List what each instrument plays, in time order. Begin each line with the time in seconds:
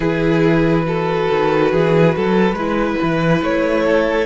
0.00 cello E3, viola E4, violin G#4 B4
0.84 viola F#4, violin A4
1.30 cello D#3
1.72 cello E3, violin G#4
2.15 cello F#3, violin A4
2.52 cello G#3, viola E4, violin B4
3.02 cello E3
3.42 cello A3, violin C#5
3.85 violin A4